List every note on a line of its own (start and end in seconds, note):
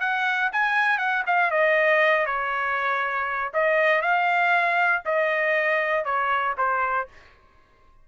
0.00 0.50 F#5
0.53 0.98 G#5
0.98 1.23 F#5
1.27 1.51 F5
1.51 2.26 D#5
2.26 3.52 C#5
3.54 4.02 D#5
4.02 5.03 F5
5.05 6.05 D#5
6.05 6.55 C#5
6.58 7.08 C5